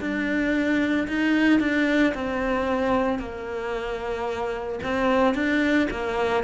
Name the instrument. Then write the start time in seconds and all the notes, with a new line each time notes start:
cello
0.00 D4
1.07 D#4
1.59 D4
2.14 C4
3.19 A#3
4.83 C4
5.34 D4
5.90 A#3